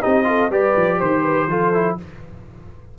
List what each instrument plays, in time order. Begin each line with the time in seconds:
0.00 tuba C4, trombone D#4, horn G4, trumpet D#5
0.24 trombone F4, horn A4
0.49 tuba G3, trombone G4, horn B4, trumpet D5
0.76 tuba F3
0.97 tuba D#3, horn C5, trumpet C5
1.22 horn B4
1.47 tuba F3, trombone F4, horn A4
1.73 trombone E4